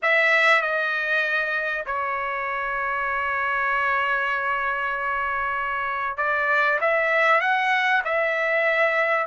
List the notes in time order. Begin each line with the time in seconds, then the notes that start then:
0.02 E5
0.61 D#5
1.86 C#5
6.17 D5
6.80 E5
7.40 F#5
8.04 E5